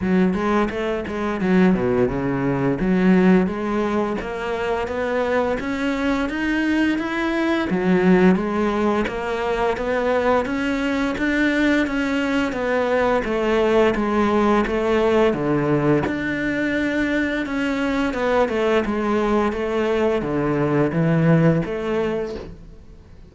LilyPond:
\new Staff \with { instrumentName = "cello" } { \time 4/4 \tempo 4 = 86 fis8 gis8 a8 gis8 fis8 b,8 cis4 | fis4 gis4 ais4 b4 | cis'4 dis'4 e'4 fis4 | gis4 ais4 b4 cis'4 |
d'4 cis'4 b4 a4 | gis4 a4 d4 d'4~ | d'4 cis'4 b8 a8 gis4 | a4 d4 e4 a4 | }